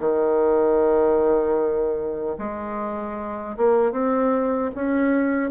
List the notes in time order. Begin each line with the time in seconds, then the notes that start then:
0.00 D#3
2.38 G#3
3.57 A#3
3.92 C4
4.75 C#4